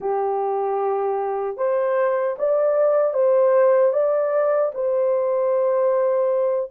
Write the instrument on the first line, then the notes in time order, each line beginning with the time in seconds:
horn
0.00 G4
1.57 C5
2.38 D5
3.13 C5
3.93 D5
4.74 C5